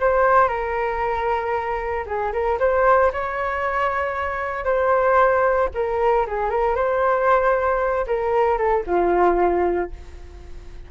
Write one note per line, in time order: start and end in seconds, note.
0.00 0.48 C5
0.48 2.05 A#4
2.06 2.32 G#4
2.32 2.58 A#4
2.59 3.11 C5
3.12 4.64 C#5
4.64 5.69 C5
5.74 6.26 A#4
6.26 6.50 G#4
6.50 6.75 A#4
6.75 8.05 C5
8.07 8.58 A#4
8.58 8.84 A4
8.86 9.91 F4